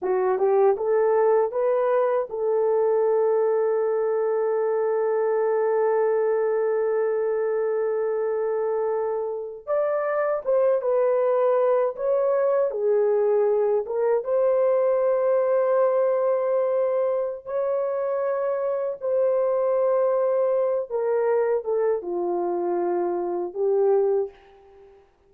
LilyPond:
\new Staff \with { instrumentName = "horn" } { \time 4/4 \tempo 4 = 79 fis'8 g'8 a'4 b'4 a'4~ | a'1~ | a'1~ | a'8. d''4 c''8 b'4. cis''16~ |
cis''8. gis'4. ais'8 c''4~ c''16~ | c''2. cis''4~ | cis''4 c''2~ c''8 ais'8~ | ais'8 a'8 f'2 g'4 | }